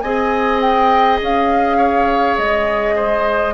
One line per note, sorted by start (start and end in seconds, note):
0.00 1.20 C4
0.00 3.54 G#4
0.00 1.76 D#5
0.00 0.59 G#5
0.60 1.19 G5
1.21 2.37 C#4
1.21 2.37 F5
1.76 2.94 C#5
2.37 3.54 G#3
2.37 3.54 D#5
2.95 3.54 C5